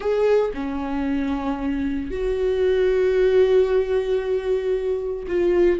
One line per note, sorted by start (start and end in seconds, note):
0.00 0.51 G#4
0.54 2.10 C#4
2.10 5.26 F#4
5.27 5.79 F4